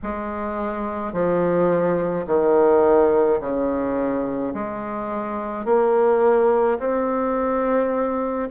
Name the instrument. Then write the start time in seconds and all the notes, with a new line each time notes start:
bassoon
0.03 G#3
1.13 F3
2.26 D#3
3.40 C#3
4.53 G#3
5.64 A#3
6.79 C4